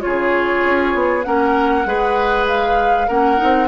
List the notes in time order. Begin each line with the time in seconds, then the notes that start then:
0.00 C#3 F4 G#4 C#5
0.64 C#4
0.94 B3
1.22 A#3 C#4 A#4 F#5
1.85 G#3 G#4 B4
2.47 F5
3.07 A#3 C#4 A#4 F#5
3.36 C4 D#4